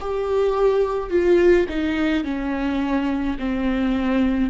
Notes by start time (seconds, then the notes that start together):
0.00 G4
1.10 F4
1.68 D#4
2.23 C#4
3.39 C4